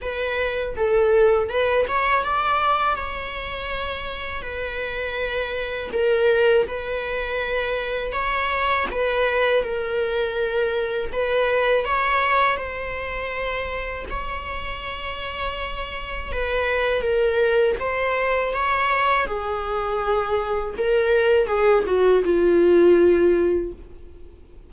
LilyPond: \new Staff \with { instrumentName = "viola" } { \time 4/4 \tempo 4 = 81 b'4 a'4 b'8 cis''8 d''4 | cis''2 b'2 | ais'4 b'2 cis''4 | b'4 ais'2 b'4 |
cis''4 c''2 cis''4~ | cis''2 b'4 ais'4 | c''4 cis''4 gis'2 | ais'4 gis'8 fis'8 f'2 | }